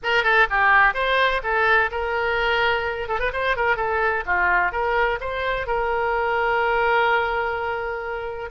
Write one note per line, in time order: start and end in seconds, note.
0.03 0.23 A#4
0.23 0.47 A4
0.50 0.94 G4
0.94 1.41 C5
1.43 1.90 A4
1.91 3.08 A#4
3.08 3.19 A4
3.19 3.31 B4
3.32 3.56 C5
3.56 3.76 A#4
3.76 4.23 A4
4.26 4.71 F4
4.71 5.19 A#4
5.20 5.66 C5
5.66 8.50 A#4